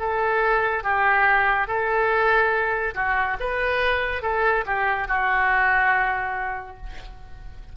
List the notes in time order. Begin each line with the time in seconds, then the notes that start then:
0.00 A4
0.84 G4
1.68 A4
2.95 F#4
3.40 B4
4.23 A4
4.66 G4
5.08 F#4